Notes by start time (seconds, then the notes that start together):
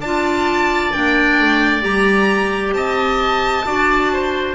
0.00 D4 F4 D5 A5
0.92 A#3 D4 G5
1.40 A3
1.82 G3 G4 A#5
2.72 C4 D#5 A5
3.65 D4 F#4 D5
4.13 C5